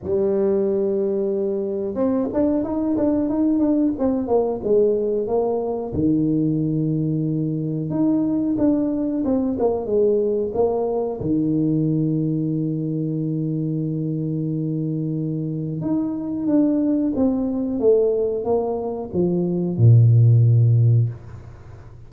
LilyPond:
\new Staff \with { instrumentName = "tuba" } { \time 4/4 \tempo 4 = 91 g2. c'8 d'8 | dis'8 d'8 dis'8 d'8 c'8 ais8 gis4 | ais4 dis2. | dis'4 d'4 c'8 ais8 gis4 |
ais4 dis2.~ | dis1 | dis'4 d'4 c'4 a4 | ais4 f4 ais,2 | }